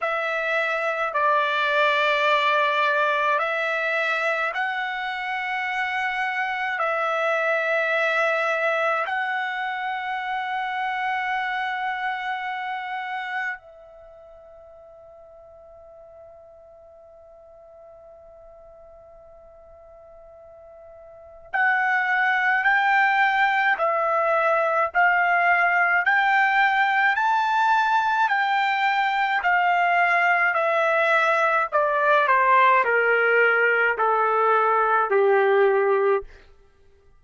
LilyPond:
\new Staff \with { instrumentName = "trumpet" } { \time 4/4 \tempo 4 = 53 e''4 d''2 e''4 | fis''2 e''2 | fis''1 | e''1~ |
e''2. fis''4 | g''4 e''4 f''4 g''4 | a''4 g''4 f''4 e''4 | d''8 c''8 ais'4 a'4 g'4 | }